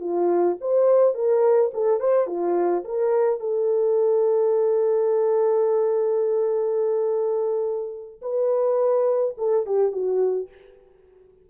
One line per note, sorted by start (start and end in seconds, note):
0.00 0.57 F4
0.60 1.14 C5
1.14 1.71 A#4
1.73 2.00 A4
2.00 2.27 C5
2.27 2.83 F4
2.84 3.40 A#4
3.40 8.21 A4
8.22 9.35 B4
9.38 9.66 A4
9.66 9.92 G4
9.92 10.48 F#4